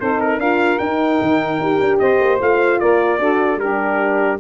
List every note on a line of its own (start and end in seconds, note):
0.00 0.38 C4
0.00 0.42 D#4
0.00 0.40 A4
0.00 0.21 C5
0.21 0.40 A#4
0.38 0.78 D4
0.38 0.82 F4
0.38 2.00 A#4
0.38 0.79 F5
0.79 1.20 D#4
0.79 1.62 D#4
0.79 1.99 G5
1.22 1.59 D#3
1.59 1.79 D#4
1.59 2.40 G4
1.81 2.01 D4
1.99 2.20 C4
1.99 2.80 C5
1.99 2.39 D#5
2.20 2.40 A#3
2.40 2.81 A3
2.40 3.20 F4
2.40 2.80 F5
2.80 3.19 A#3
2.80 3.20 A#4
2.80 3.60 D5
3.19 3.57 D4
3.19 3.60 F#4
3.19 3.60 A4
3.57 4.37 G3
3.57 4.40 G4
3.57 4.40 A#4
3.64 4.40 D4